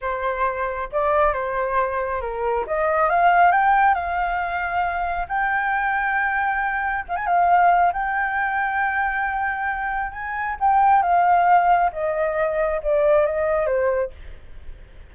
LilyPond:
\new Staff \with { instrumentName = "flute" } { \time 4/4 \tempo 4 = 136 c''2 d''4 c''4~ | c''4 ais'4 dis''4 f''4 | g''4 f''2. | g''1 |
f''16 gis''16 f''4. g''2~ | g''2. gis''4 | g''4 f''2 dis''4~ | dis''4 d''4 dis''4 c''4 | }